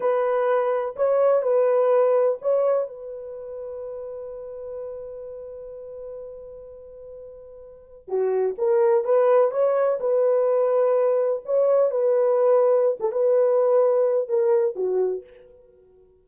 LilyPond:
\new Staff \with { instrumentName = "horn" } { \time 4/4 \tempo 4 = 126 b'2 cis''4 b'4~ | b'4 cis''4 b'2~ | b'1~ | b'1~ |
b'4 fis'4 ais'4 b'4 | cis''4 b'2. | cis''4 b'2~ b'16 a'16 b'8~ | b'2 ais'4 fis'4 | }